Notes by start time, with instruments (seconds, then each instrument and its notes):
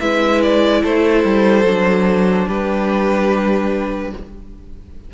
0.00 cello G#3, viola E4, violin B4 E5
0.42 violin D5
0.82 cello A3, violin A4 C5
1.24 cello G3
1.64 cello F#3, viola D4
2.46 cello G3, violin G4 B4